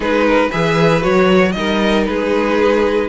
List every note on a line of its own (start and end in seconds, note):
0.00 0.48 G#3
0.00 0.51 D#4
0.00 0.25 G#4
0.00 0.51 B4
0.27 0.49 A#4
0.49 1.04 E3
0.49 1.01 G#4
0.49 1.52 B4
0.49 1.02 E5
1.01 1.56 F#3
1.01 1.52 F#4
1.01 1.52 C#5
1.52 2.08 G3
1.52 3.08 D#4
1.52 2.09 A#4
1.52 2.03 D#5
2.05 3.08 G#3
2.05 3.08 G#4
2.05 3.08 B4